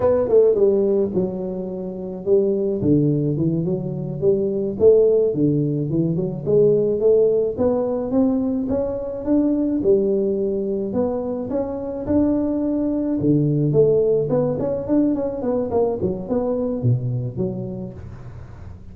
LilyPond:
\new Staff \with { instrumentName = "tuba" } { \time 4/4 \tempo 4 = 107 b8 a8 g4 fis2 | g4 d4 e8 fis4 g8~ | g8 a4 d4 e8 fis8 gis8~ | gis8 a4 b4 c'4 cis'8~ |
cis'8 d'4 g2 b8~ | b8 cis'4 d'2 d8~ | d8 a4 b8 cis'8 d'8 cis'8 b8 | ais8 fis8 b4 b,4 fis4 | }